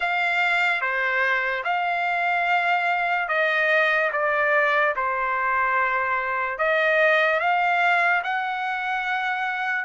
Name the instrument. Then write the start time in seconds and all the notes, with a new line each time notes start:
trumpet
0.00 F5
0.81 C5
1.64 F5
3.28 D#5
4.12 D5
4.95 C5
6.58 D#5
7.40 F5
8.23 F#5